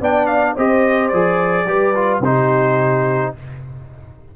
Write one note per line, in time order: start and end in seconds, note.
0.00 0.56 B3
0.00 0.57 D4
0.00 0.55 D5
0.00 0.26 G5
0.26 0.54 F5
0.55 1.13 C4
0.55 1.12 G4
0.55 1.66 C5
0.55 1.08 D#5
1.08 1.65 F3
1.08 1.66 G#4
1.08 2.19 D5
1.65 2.20 G3
1.65 1.94 G4
1.65 2.22 B4
1.94 2.22 F4
2.20 3.31 C3
2.20 3.35 D#4
2.20 3.34 G4
2.20 3.35 C5